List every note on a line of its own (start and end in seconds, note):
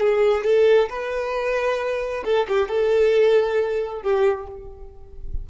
0.00 0.44 G#4
0.44 0.89 A4
0.89 2.23 B4
2.25 2.47 A4
2.48 2.68 G4
2.68 4.02 A4
4.02 4.47 G4